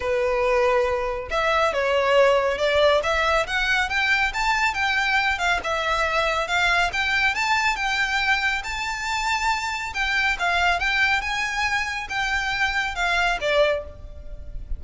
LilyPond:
\new Staff \with { instrumentName = "violin" } { \time 4/4 \tempo 4 = 139 b'2. e''4 | cis''2 d''4 e''4 | fis''4 g''4 a''4 g''4~ | g''8 f''8 e''2 f''4 |
g''4 a''4 g''2 | a''2. g''4 | f''4 g''4 gis''2 | g''2 f''4 d''4 | }